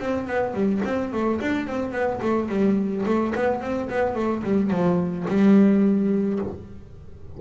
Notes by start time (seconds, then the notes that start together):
0.00 C4
0.27 B3
0.54 G3
0.85 C4
1.13 A3
1.41 D4
1.67 C4
1.92 B3
2.22 A3
2.49 G3
3.06 A3
3.35 B3
3.61 C4
3.90 B3
4.15 A3
4.44 G3
4.71 F3
5.28 G3